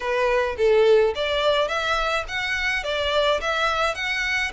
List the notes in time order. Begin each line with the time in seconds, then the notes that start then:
0.00 B4
0.57 A4
1.15 D5
1.67 E5
2.28 F#5
2.83 D5
3.40 E5
3.95 F#5